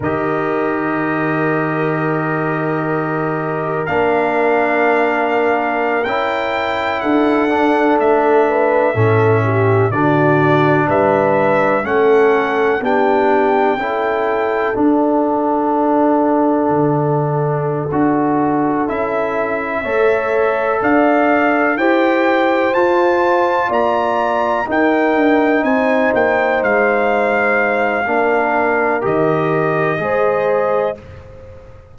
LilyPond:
<<
  \new Staff \with { instrumentName = "trumpet" } { \time 4/4 \tempo 4 = 62 dis''1 | f''2~ f''16 g''4 fis''8.~ | fis''16 e''2 d''4 e''8.~ | e''16 fis''4 g''2 fis''8.~ |
fis''2.~ fis''8 e''8~ | e''4. f''4 g''4 a''8~ | a''8 ais''4 g''4 gis''8 g''8 f''8~ | f''2 dis''2 | }
  \new Staff \with { instrumentName = "horn" } { \time 4/4 ais'1~ | ais'2.~ ais'16 a'8.~ | a'8. b'8 a'8 g'8 fis'4 b'8.~ | b'16 a'4 g'4 a'4.~ a'16~ |
a'1~ | a'8 cis''4 d''4 c''4.~ | c''8 d''4 ais'4 c''4.~ | c''4 ais'2 c''4 | }
  \new Staff \with { instrumentName = "trombone" } { \time 4/4 g'1 | d'2~ d'16 e'4. d'16~ | d'4~ d'16 cis'4 d'4.~ d'16~ | d'16 cis'4 d'4 e'4 d'8.~ |
d'2~ d'8 fis'4 e'8~ | e'8 a'2 g'4 f'8~ | f'4. dis'2~ dis'8~ | dis'4 d'4 g'4 gis'4 | }
  \new Staff \with { instrumentName = "tuba" } { \time 4/4 dis1 | ais2~ ais16 cis'4 d'8.~ | d'16 a4 a,4 d4 g8.~ | g16 a4 b4 cis'4 d'8.~ |
d'4~ d'16 d4~ d16 d'4 cis'8~ | cis'8 a4 d'4 e'4 f'8~ | f'8 ais4 dis'8 d'8 c'8 ais8 gis8~ | gis4 ais4 dis4 gis4 | }
>>